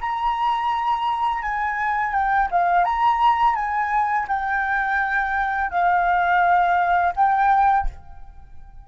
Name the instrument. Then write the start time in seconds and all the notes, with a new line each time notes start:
flute
0.00 A#5
1.42 G#5
2.13 G5
2.51 F5
2.84 A#5
3.55 G#5
4.28 G5
5.70 F5
7.15 G5